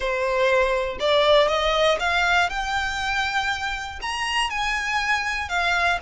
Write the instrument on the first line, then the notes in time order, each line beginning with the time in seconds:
violin
0.00 C5
0.99 D5
1.48 D#5
1.99 F5
2.49 G5
4.01 A#5
4.50 G#5
5.48 F5